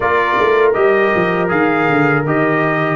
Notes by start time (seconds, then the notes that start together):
0.00 A#3 F4 A#4 D5
0.38 A3
0.73 G3 G4 D#5
1.15 F3
1.48 D#3 G#4 F5
1.89 D3
2.25 D#3 G4 D#5